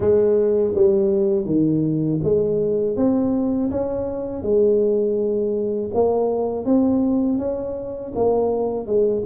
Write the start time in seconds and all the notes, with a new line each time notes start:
0.00 G#3
0.74 G3
1.45 D#3
2.23 G#3
2.96 C4
3.70 C#4
4.42 G#3
5.94 A#3
6.65 C4
7.38 C#4
8.15 A#3
8.86 G#3